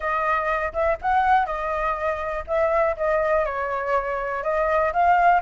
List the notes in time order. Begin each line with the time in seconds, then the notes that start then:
0.00 D#5
0.73 E5
1.01 F#5
1.46 D#5
2.47 E5
2.96 D#5
3.45 C#5
4.43 D#5
4.92 F5